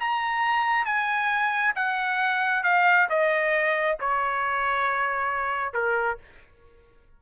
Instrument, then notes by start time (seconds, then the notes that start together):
trumpet
0.00 A#5
0.86 G#5
1.76 F#5
2.64 F5
3.09 D#5
4.00 C#5
5.74 A#4